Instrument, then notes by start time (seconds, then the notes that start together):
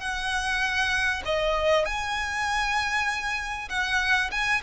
violin
0.00 F#5
1.25 D#5
1.85 G#5
3.69 F#5
4.31 G#5